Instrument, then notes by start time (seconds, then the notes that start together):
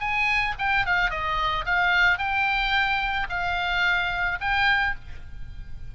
oboe
0.00 G#5
0.59 G5
0.86 F5
1.10 D#5
1.65 F5
2.18 G5
3.29 F5
4.40 G5